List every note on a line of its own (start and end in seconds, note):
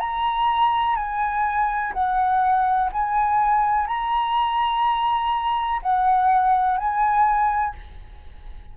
0.00 0.96 A#5
0.96 1.93 G#5
1.94 2.90 F#5
2.93 3.88 G#5
3.88 5.81 A#5
5.83 6.78 F#5
6.78 7.75 G#5